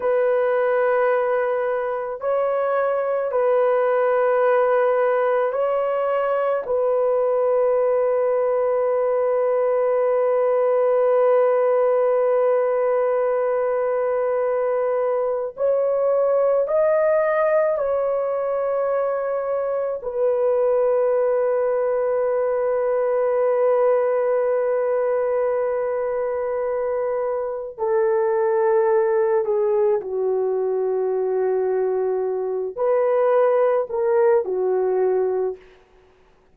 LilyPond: \new Staff \with { instrumentName = "horn" } { \time 4/4 \tempo 4 = 54 b'2 cis''4 b'4~ | b'4 cis''4 b'2~ | b'1~ | b'2 cis''4 dis''4 |
cis''2 b'2~ | b'1~ | b'4 a'4. gis'8 fis'4~ | fis'4. b'4 ais'8 fis'4 | }